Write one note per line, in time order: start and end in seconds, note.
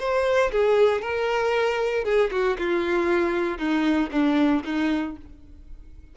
0.00 0.52 C5
0.52 1.02 G#4
1.02 2.05 A#4
2.05 2.31 G#4
2.32 2.58 F#4
2.59 3.59 F4
3.59 4.11 D#4
4.12 4.64 D4
4.65 5.17 D#4